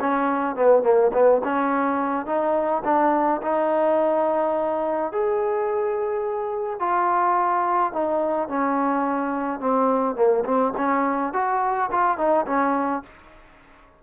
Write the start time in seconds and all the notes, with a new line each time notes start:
0.00 C#4
0.56 B3
0.83 A#3
1.13 B3
1.44 C#4
2.26 D#4
2.85 D4
3.42 D#4
5.12 G#4
6.80 F4
7.93 D#4
8.49 C#4
9.60 C4
10.16 A#3
10.45 C4
10.77 C#4
11.33 F#4
11.92 F4
12.17 D#4
12.46 C#4